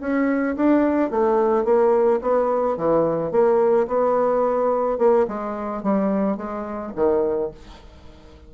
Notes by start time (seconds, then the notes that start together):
0.00 C#4
0.56 D4
1.10 A3
1.64 A#3
2.21 B3
2.77 E3
3.31 A#3
3.87 B3
4.98 A#3
5.27 G#3
5.82 G3
6.36 G#3
6.95 D#3